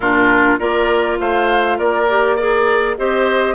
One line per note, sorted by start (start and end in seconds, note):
0.00 0.59 A#2
0.00 0.58 D4
0.00 0.59 F4
0.00 0.58 A#4
0.58 1.19 A#3
0.58 2.07 F4
0.58 1.18 A#4
0.58 1.18 D5
1.19 1.78 A3
1.19 1.77 C5
1.19 1.78 F5
1.77 2.97 A#3
1.77 2.36 A#4
1.77 2.37 D5
2.09 2.38 G4
2.36 2.97 G#4
2.36 2.96 A#4
2.36 2.95 D5
2.97 3.54 C4
2.97 3.54 G4
2.97 3.54 C5
2.97 3.54 D#5